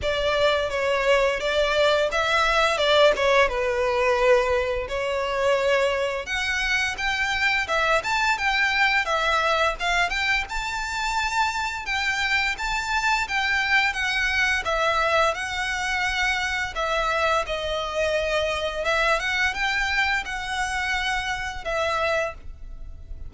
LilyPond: \new Staff \with { instrumentName = "violin" } { \time 4/4 \tempo 4 = 86 d''4 cis''4 d''4 e''4 | d''8 cis''8 b'2 cis''4~ | cis''4 fis''4 g''4 e''8 a''8 | g''4 e''4 f''8 g''8 a''4~ |
a''4 g''4 a''4 g''4 | fis''4 e''4 fis''2 | e''4 dis''2 e''8 fis''8 | g''4 fis''2 e''4 | }